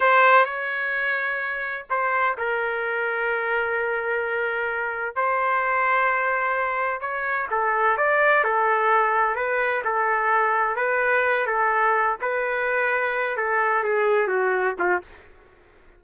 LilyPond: \new Staff \with { instrumentName = "trumpet" } { \time 4/4 \tempo 4 = 128 c''4 cis''2. | c''4 ais'2.~ | ais'2. c''4~ | c''2. cis''4 |
a'4 d''4 a'2 | b'4 a'2 b'4~ | b'8 a'4. b'2~ | b'8 a'4 gis'4 fis'4 f'8 | }